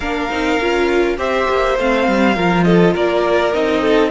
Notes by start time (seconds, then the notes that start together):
0.00 A#3 D4 A#4 F5
0.29 C4 D#4
0.60 C#4 F4
1.17 C4 G4 C5 E5
1.49 A#3
1.78 A3 C4 F5
2.07 G3
2.34 F3 F4 A#4
2.63 A4 D#5
2.94 A#3 A#4 D5
3.53 C4 D#4 D#5
3.81 A4